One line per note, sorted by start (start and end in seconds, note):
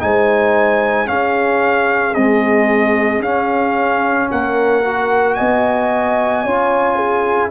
0.00 1.09 G#3
0.00 1.06 D#4
0.00 1.09 C5
0.00 1.07 G#5
1.06 2.13 C#4
1.06 2.14 C#4
1.06 4.30 G#4
1.06 2.14 F5
2.14 3.23 G#3
2.14 3.19 C4
2.14 3.21 D#5
3.19 4.27 C#4
3.19 4.83 C#4
3.19 4.29 F5
4.30 5.38 A#3
4.30 5.37 A#4
4.30 5.34 F#5
4.84 6.45 F#4
5.34 6.44 B3
5.34 6.43 D#5
5.34 7.49 G#5
6.43 7.50 C#4
6.43 7.50 F4
6.43 6.96 C#5
6.96 7.49 G#4